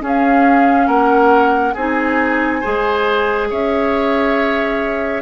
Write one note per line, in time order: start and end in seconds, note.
0.00 1.74 C#4
0.00 0.87 C#4
0.00 0.87 G#4
0.00 0.88 F5
0.87 1.74 A#3
0.87 1.74 A#4
0.87 1.75 F#5
1.74 2.63 C4
1.74 2.63 D#4
1.74 2.61 G#4
1.74 3.51 G#5
2.61 3.51 G#3
2.61 5.22 G#4
2.61 3.48 C5
3.50 5.22 C#4
3.50 5.22 C#5
3.50 5.22 E5